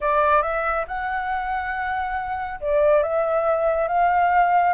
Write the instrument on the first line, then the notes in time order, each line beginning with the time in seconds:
flute
0.00 D5
0.42 E5
0.87 F#5
2.60 D5
3.03 E5
3.88 F5